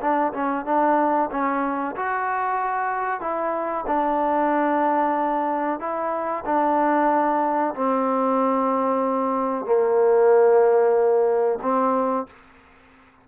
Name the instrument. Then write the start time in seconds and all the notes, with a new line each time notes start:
trombone
0.00 D4
0.33 C#4
0.65 D4
1.30 C#4
1.96 F#4
3.20 E4
3.87 D4
5.79 E4
6.45 D4
7.74 C4
9.65 A#3
11.62 C4